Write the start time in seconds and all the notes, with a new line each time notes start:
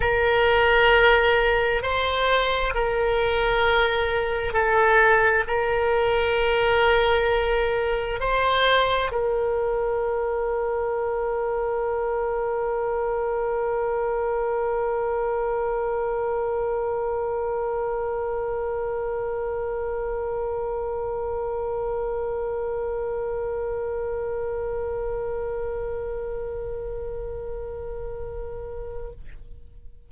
0.00 A#4
1.82 C5
2.74 A#4
4.52 A4
5.47 A#4
8.20 C5
9.11 A#4